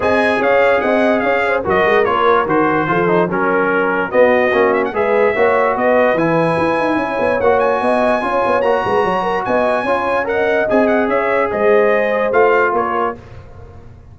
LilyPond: <<
  \new Staff \with { instrumentName = "trumpet" } { \time 4/4 \tempo 4 = 146 gis''4 f''4 fis''4 f''4 | dis''4 cis''4 c''2 | ais'2 dis''4. e''16 fis''16 | e''2 dis''4 gis''4~ |
gis''2 fis''8 gis''4.~ | gis''4 ais''2 gis''4~ | gis''4 fis''4 gis''8 fis''8 e''4 | dis''2 f''4 cis''4 | }
  \new Staff \with { instrumentName = "horn" } { \time 4/4 dis''4 cis''4 dis''4 cis''8 c''8 | ais'2. a'4 | ais'2 fis'2 | b'4 cis''4 b'2~ |
b'4 cis''2 dis''4 | cis''4. b'8 cis''8 ais'8 dis''4 | cis''4 dis''2 cis''4 | c''2. ais'4 | }
  \new Staff \with { instrumentName = "trombone" } { \time 4/4 gis'1 | fis'4 f'4 fis'4 f'8 dis'8 | cis'2 b4 cis'4 | gis'4 fis'2 e'4~ |
e'2 fis'2 | f'4 fis'2. | f'4 ais'4 gis'2~ | gis'2 f'2 | }
  \new Staff \with { instrumentName = "tuba" } { \time 4/4 c'4 cis'4 c'4 cis'4 | fis8 gis8 ais4 dis4 f4 | fis2 b4 ais4 | gis4 ais4 b4 e4 |
e'8 dis'8 cis'8 b8 ais4 b4 | cis'8 b8 ais8 gis8 fis4 b4 | cis'2 c'4 cis'4 | gis2 a4 ais4 | }
>>